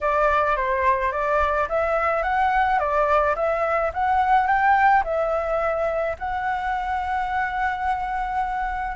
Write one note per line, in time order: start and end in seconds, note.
0.00 0.56 D5
0.56 1.12 C5
1.12 1.68 D5
1.68 2.23 E5
2.23 2.79 F#5
2.79 3.35 D5
3.35 3.91 E5
3.93 4.47 F#5
4.47 5.03 G5
5.04 6.16 E5
6.18 8.96 F#5